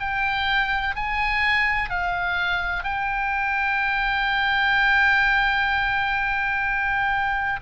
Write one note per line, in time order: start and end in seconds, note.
0.00 0.95 G5
0.96 1.90 G#5
1.90 2.84 F5
2.84 7.60 G5